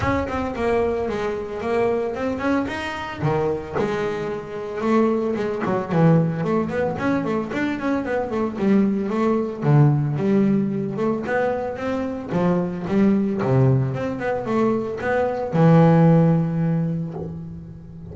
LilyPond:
\new Staff \with { instrumentName = "double bass" } { \time 4/4 \tempo 4 = 112 cis'8 c'8 ais4 gis4 ais4 | c'8 cis'8 dis'4 dis4 gis4~ | gis4 a4 gis8 fis8 e4 | a8 b8 cis'8 a8 d'8 cis'8 b8 a8 |
g4 a4 d4 g4~ | g8 a8 b4 c'4 f4 | g4 c4 c'8 b8 a4 | b4 e2. | }